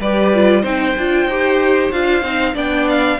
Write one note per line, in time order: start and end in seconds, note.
0.00 0.64 G3
0.00 0.34 G4
0.00 0.62 B4
0.00 0.65 D5
0.34 0.63 F4
0.62 0.96 C4
0.62 0.95 D#4
0.62 2.53 C5
0.62 1.92 G5
0.98 1.26 D4
0.98 1.31 F4
1.26 1.90 D#4
1.26 1.92 G4
1.92 2.23 D4
1.92 2.24 F4
1.92 2.56 F5
2.23 2.55 C4
2.23 2.55 D#4
2.55 3.19 B3
2.55 3.18 D4
2.55 3.18 D5
2.55 2.89 G5
2.89 3.20 F5